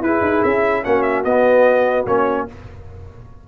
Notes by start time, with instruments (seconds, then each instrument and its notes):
0.00 tuba E4, trombone E4, horn G#4, trumpet B4
0.21 tuba D#4
0.43 tuba C#4, trumpet E5
0.84 tuba A#3, trombone C#4, horn F#4, trumpet F#5
1.02 trumpet E5
1.24 tuba B3, trombone B3, trumpet D#5
2.06 tuba A#3, trombone C#4, trumpet C#5